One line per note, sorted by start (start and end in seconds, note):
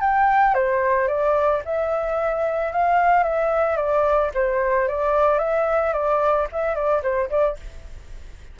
0.00 0.54 G5
0.54 1.07 C5
1.07 1.61 D5
1.65 2.72 E5
2.72 3.23 F5
3.23 3.76 E5
3.76 4.30 D5
4.34 4.88 C5
4.88 5.38 D5
5.38 5.92 E5
5.92 6.46 D5
6.52 6.74 E5
6.74 7.01 D5
7.02 7.29 C5
7.29 7.57 D5